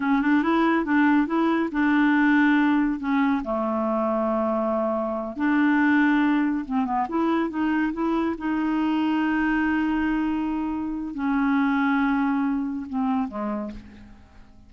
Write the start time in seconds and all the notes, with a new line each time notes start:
0.00 C#4
0.21 D4
0.43 E4
0.85 D4
1.26 E4
1.71 D4
2.99 C#4
3.43 A3
5.36 D4
6.65 C4
6.85 B3
7.08 E4
7.49 D#4
7.92 E4
8.38 D#4
11.14 C#4
12.89 C4
13.27 G#3